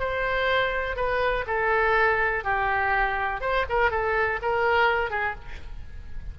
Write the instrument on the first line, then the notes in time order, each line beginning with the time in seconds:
oboe
0.00 C5
0.97 B4
1.47 A4
2.45 G4
3.41 C5
3.70 A#4
3.92 A4
4.42 A#4
5.11 G#4